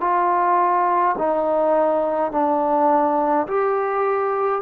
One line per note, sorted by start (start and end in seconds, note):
0.00 1.15 F4
1.17 2.31 D#4
2.31 3.47 D4
3.47 4.61 G4